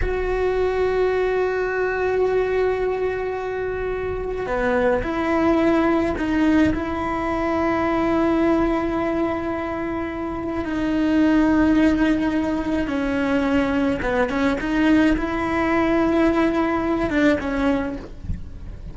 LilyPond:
\new Staff \with { instrumentName = "cello" } { \time 4/4 \tempo 4 = 107 fis'1~ | fis'1 | b4 e'2 dis'4 | e'1~ |
e'2. dis'4~ | dis'2. cis'4~ | cis'4 b8 cis'8 dis'4 e'4~ | e'2~ e'8 d'8 cis'4 | }